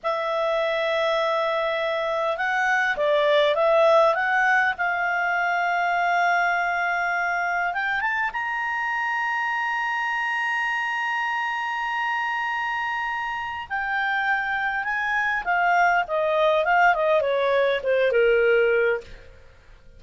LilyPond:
\new Staff \with { instrumentName = "clarinet" } { \time 4/4 \tempo 4 = 101 e''1 | fis''4 d''4 e''4 fis''4 | f''1~ | f''4 g''8 a''8 ais''2~ |
ais''1~ | ais''2. g''4~ | g''4 gis''4 f''4 dis''4 | f''8 dis''8 cis''4 c''8 ais'4. | }